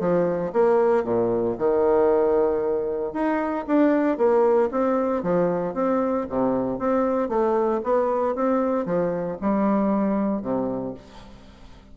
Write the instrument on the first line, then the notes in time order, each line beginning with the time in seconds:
bassoon
0.00 F3
0.53 A#3
1.04 A#2
1.58 D#3
3.13 D#4
3.67 D4
4.18 A#3
4.71 C4
5.23 F3
5.74 C4
6.29 C3
6.79 C4
7.29 A3
7.84 B3
8.35 C4
8.86 F3
9.41 G3
10.42 C3